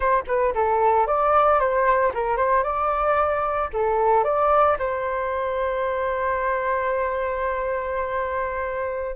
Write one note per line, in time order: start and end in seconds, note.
0.00 0.24 C5
0.27 0.53 B4
0.54 1.06 A4
1.06 1.59 D5
1.59 2.12 C5
2.14 2.37 A#4
2.37 2.63 C5
2.63 3.69 D5
3.73 4.24 A4
4.24 4.77 D5
4.78 9.16 C5